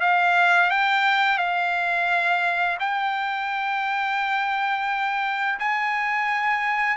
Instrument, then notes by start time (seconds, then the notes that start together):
trumpet
0.00 F5
0.70 G5
1.38 F5
2.79 G5
5.59 G#5